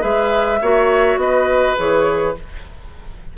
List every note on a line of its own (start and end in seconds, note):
0.00 0.61 G#3
0.00 0.58 G#4
0.00 0.59 B4
0.00 1.19 E5
0.61 1.16 A#3
0.61 1.76 F#4
0.61 1.20 C#5
1.16 1.75 B3
1.16 2.37 B4
1.16 1.77 D#5
1.76 2.37 E3
1.76 2.35 G#4
1.76 2.36 C#5